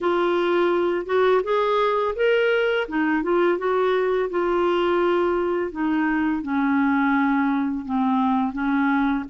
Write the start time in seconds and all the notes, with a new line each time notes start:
0.00 F4
1.06 F#4
1.43 G#4
2.15 A#4
2.88 D#4
3.22 F4
3.57 F#4
4.30 F4
5.71 D#4
6.42 C#4
7.85 C4
8.53 C#4